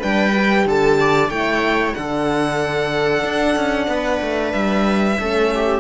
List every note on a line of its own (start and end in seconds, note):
0.00 0.66 G3
0.00 0.33 D4
0.00 0.65 B4
0.00 0.68 G5
0.34 1.30 G4
0.66 1.30 D3
0.66 1.00 A4
0.66 1.30 A5
1.00 1.31 D5
1.30 1.94 A3
1.30 1.94 E4
1.30 1.95 C#5
1.30 1.94 G5
1.94 3.24 D3
1.94 5.17 D4
1.94 3.90 A4
1.94 4.52 F#5
3.24 3.56 D4
3.56 3.88 C#4
3.88 4.20 B3
3.88 5.19 B4
4.22 4.54 A3
4.52 5.19 G3
4.52 5.81 E5
5.19 5.81 A3
5.19 5.81 C#4
5.19 5.52 A4
5.55 5.81 G4